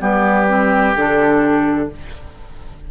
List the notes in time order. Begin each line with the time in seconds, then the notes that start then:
0.00 G3 B3 G4 B4
0.48 C4
0.96 D3 D4 A4